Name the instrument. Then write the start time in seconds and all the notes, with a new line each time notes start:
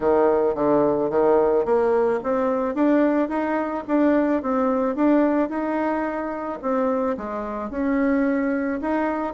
bassoon
0.00 D#3
0.55 D3
1.10 D#3
1.65 A#3
2.23 C4
2.74 D4
3.29 D#4
3.87 D4
4.42 C4
4.95 D4
5.49 D#4
6.62 C4
7.17 G#3
7.69 C#4
8.81 D#4